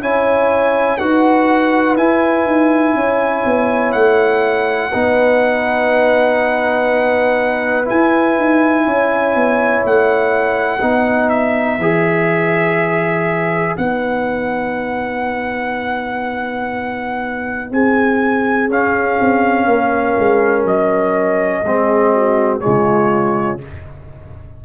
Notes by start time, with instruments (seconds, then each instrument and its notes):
0.00 tuba C#4, trombone E4, horn C#5, trumpet G#5
0.98 tuba D#4, trombone F#4, horn B4, trumpet F#5
1.96 tuba E4, trombone E4, trumpet G#5
2.45 tuba D#4
2.94 tuba C#4, horn C#5
3.45 tuba B3
3.92 tuba A3, trumpet F#5
4.91 tuba B3, trombone D#4, horn B4
7.84 trombone E4, trumpet G#5
7.91 tuba E4
8.37 tuba D#4
8.85 tuba C#4, horn C#5
9.35 tuba B3
9.85 tuba A3, trumpet F#5
10.79 tuba B3, trombone D#4, horn B4
11.30 trumpet E5
11.79 tuba E3, trombone G#4
13.77 tuba B3, trombone D#4, trumpet F#5
17.71 tuba C4, horn G#4, trumpet G#5
18.69 tuba C#4, trombone C#4, trumpet F5
19.20 tuba C4
19.66 tuba A#3, horn A#4
20.18 tuba G#3
20.64 tuba F#3, trumpet D#5
21.63 tuba G#3, trombone C4, horn G#4
22.14 horn F#4
22.60 trombone G#3, horn F4, trumpet C#5
22.66 tuba C#3